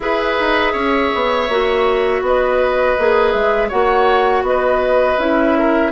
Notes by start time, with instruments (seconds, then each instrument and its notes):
0.00 bassoon E4, clarinet G#4, oboe B4, flute E5
0.39 bassoon D#4
0.73 bassoon C#4, oboe C#5
1.14 bassoon B3
1.48 bassoon A#3, clarinet F#4
2.21 bassoon B3, oboe B4, flute D#5
2.98 bassoon A#3, clarinet G#4
3.31 bassoon G#3, flute E5
3.68 bassoon A#3, clarinet F#4, oboe C#5, flute F#5
4.42 bassoon B3, flute D#5
4.48 oboe B4
5.17 bassoon C#4, clarinet E4, flute E5
5.58 oboe A#4